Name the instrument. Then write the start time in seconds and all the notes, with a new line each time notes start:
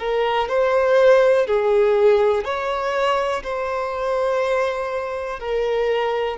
violin
0.00 A#4
0.49 C5
1.48 G#4
2.45 C#5
3.44 C5
5.40 A#4